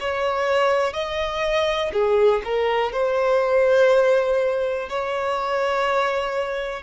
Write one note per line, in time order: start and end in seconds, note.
0.00 0.93 C#5
0.93 1.92 D#5
1.93 2.42 G#4
2.45 2.93 A#4
2.93 4.90 C5
4.90 6.83 C#5